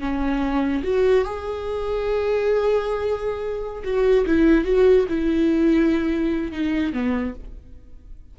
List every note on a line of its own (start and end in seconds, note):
0.00 0.83 C#4
0.84 1.25 F#4
1.25 3.83 G#4
3.84 4.25 F#4
4.26 4.65 E4
4.65 5.06 F#4
5.09 6.52 E4
6.52 6.93 D#4
6.93 7.34 B3